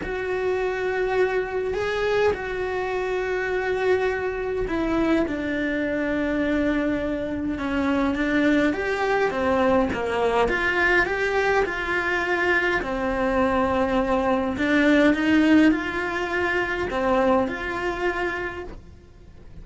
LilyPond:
\new Staff \with { instrumentName = "cello" } { \time 4/4 \tempo 4 = 103 fis'2. gis'4 | fis'1 | e'4 d'2.~ | d'4 cis'4 d'4 g'4 |
c'4 ais4 f'4 g'4 | f'2 c'2~ | c'4 d'4 dis'4 f'4~ | f'4 c'4 f'2 | }